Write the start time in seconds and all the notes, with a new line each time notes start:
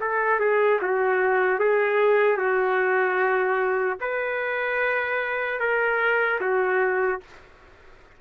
0.00 A4
0.40 G#4
0.82 F#4
1.59 G#4
2.37 F#4
4.01 B4
5.60 A#4
6.40 F#4